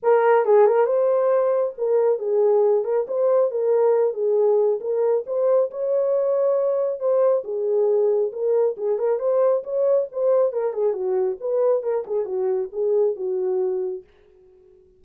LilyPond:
\new Staff \with { instrumentName = "horn" } { \time 4/4 \tempo 4 = 137 ais'4 gis'8 ais'8 c''2 | ais'4 gis'4. ais'8 c''4 | ais'4. gis'4. ais'4 | c''4 cis''2. |
c''4 gis'2 ais'4 | gis'8 ais'8 c''4 cis''4 c''4 | ais'8 gis'8 fis'4 b'4 ais'8 gis'8 | fis'4 gis'4 fis'2 | }